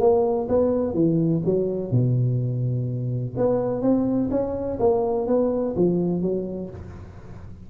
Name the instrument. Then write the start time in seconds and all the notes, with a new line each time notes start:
tuba
0.00 A#3
0.49 B3
0.94 E3
1.45 F#3
1.91 B2
3.38 B3
3.82 C4
4.31 C#4
4.80 A#3
5.27 B3
5.76 F3
6.22 F#3